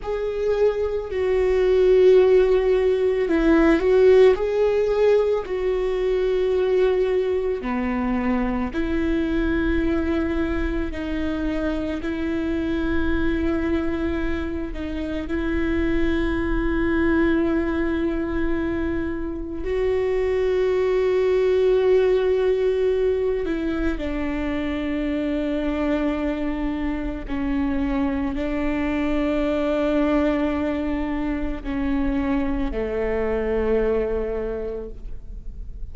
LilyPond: \new Staff \with { instrumentName = "viola" } { \time 4/4 \tempo 4 = 55 gis'4 fis'2 e'8 fis'8 | gis'4 fis'2 b4 | e'2 dis'4 e'4~ | e'4. dis'8 e'2~ |
e'2 fis'2~ | fis'4. e'8 d'2~ | d'4 cis'4 d'2~ | d'4 cis'4 a2 | }